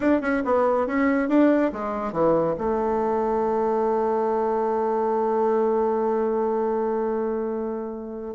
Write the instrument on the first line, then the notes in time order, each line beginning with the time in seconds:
bassoon
0.00 D4
0.21 C#4
0.45 B3
0.86 C#4
1.28 D4
1.72 G#3
2.12 E3
2.57 A3